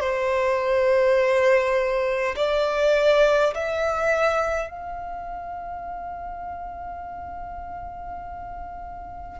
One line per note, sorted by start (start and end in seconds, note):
0.00 2.35 C5
2.36 3.53 D5
3.54 4.70 E5
4.70 9.40 F5